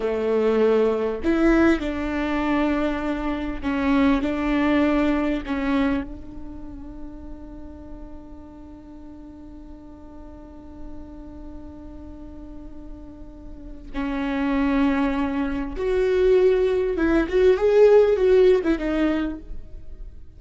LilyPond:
\new Staff \with { instrumentName = "viola" } { \time 4/4 \tempo 4 = 99 a2 e'4 d'4~ | d'2 cis'4 d'4~ | d'4 cis'4 d'2~ | d'1~ |
d'1~ | d'2. cis'4~ | cis'2 fis'2 | e'8 fis'8 gis'4 fis'8. e'16 dis'4 | }